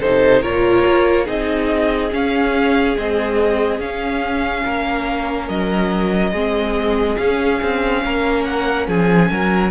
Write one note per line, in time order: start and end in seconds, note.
0.00 0.43 C3
0.00 0.44 D#4
0.00 0.42 A4
0.00 0.43 C5
0.42 0.85 A#2
0.42 1.26 F4
0.42 1.25 A#4
0.42 1.27 C#5
0.86 1.28 A#3
1.25 2.12 C4
1.25 2.10 D#4
1.25 4.63 G#4
1.25 2.13 D#5
2.12 2.96 C#4
2.12 2.98 C#4
2.12 2.97 F5
2.96 3.80 G#3
2.96 3.80 C4
2.96 3.80 D#5
3.80 4.64 C#4
3.80 6.35 C#4
3.80 5.49 F5
4.64 5.49 A#3
4.64 6.33 A#4
5.49 6.32 F#3
5.49 7.17 D#5
6.32 7.17 G#3
6.32 7.19 C4
6.32 8.02 G#4
7.17 7.61 C#4
7.17 9.71 C#4
7.17 8.44 F5
7.62 8.05 C4
8.05 8.88 A#3
8.05 8.88 A#4
8.45 8.87 F#5
8.88 9.30 F3
8.88 9.31 G#4
8.88 9.71 G#5
9.31 9.71 F#3
9.31 9.71 A#4